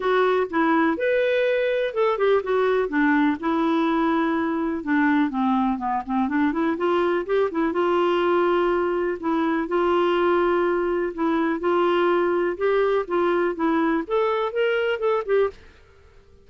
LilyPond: \new Staff \with { instrumentName = "clarinet" } { \time 4/4 \tempo 4 = 124 fis'4 e'4 b'2 | a'8 g'8 fis'4 d'4 e'4~ | e'2 d'4 c'4 | b8 c'8 d'8 e'8 f'4 g'8 e'8 |
f'2. e'4 | f'2. e'4 | f'2 g'4 f'4 | e'4 a'4 ais'4 a'8 g'8 | }